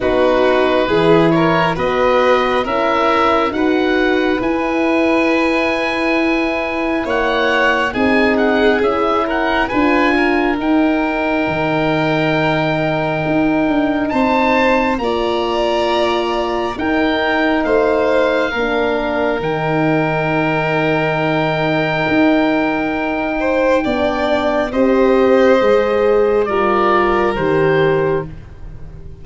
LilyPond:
<<
  \new Staff \with { instrumentName = "oboe" } { \time 4/4 \tempo 4 = 68 b'4. cis''8 dis''4 e''4 | fis''4 gis''2. | fis''4 gis''8 fis''8 e''8 fis''8 gis''4 | g''1 |
a''4 ais''2 g''4 | f''2 g''2~ | g''1 | dis''2 d''4 c''4 | }
  \new Staff \with { instrumentName = "violin" } { \time 4/4 fis'4 gis'8 ais'8 b'4 ais'4 | b'1 | cis''4 gis'4. ais'8 b'8 ais'8~ | ais'1 |
c''4 d''2 ais'4 | c''4 ais'2.~ | ais'2~ ais'8 c''8 d''4 | c''2 ais'2 | }
  \new Staff \with { instrumentName = "horn" } { \time 4/4 dis'4 e'4 fis'4 e'4 | fis'4 e'2.~ | e'4 dis'4 e'4 f'4 | dis'1~ |
dis'4 f'2 dis'4~ | dis'4 d'4 dis'2~ | dis'2. d'4 | g'4 gis'4 f'4 g'4 | }
  \new Staff \with { instrumentName = "tuba" } { \time 4/4 b4 e4 b4 cis'4 | dis'4 e'2. | ais4 c'4 cis'4 d'4 | dis'4 dis2 dis'8 d'8 |
c'4 ais2 dis'4 | a4 ais4 dis2~ | dis4 dis'2 b4 | c'4 gis4 g4 dis4 | }
>>